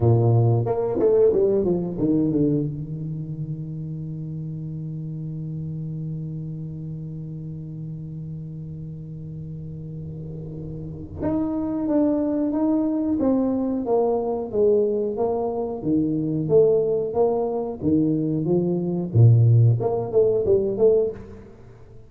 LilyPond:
\new Staff \with { instrumentName = "tuba" } { \time 4/4 \tempo 4 = 91 ais,4 ais8 a8 g8 f8 dis8 d8 | dis1~ | dis1~ | dis1~ |
dis4 dis'4 d'4 dis'4 | c'4 ais4 gis4 ais4 | dis4 a4 ais4 dis4 | f4 ais,4 ais8 a8 g8 a8 | }